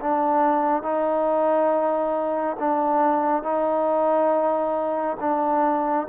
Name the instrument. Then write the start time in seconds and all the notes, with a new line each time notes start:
trombone
0.00 D4
0.83 D#4
2.59 D4
3.43 D#4
5.20 D4